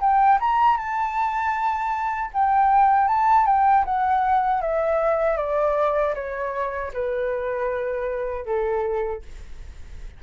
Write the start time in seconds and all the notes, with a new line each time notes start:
0.00 G5
0.40 A#5
0.77 A5
2.34 G5
3.08 A5
3.46 G5
3.85 F#5
4.62 E5
5.37 D5
6.15 C#5
6.93 B4
8.45 A4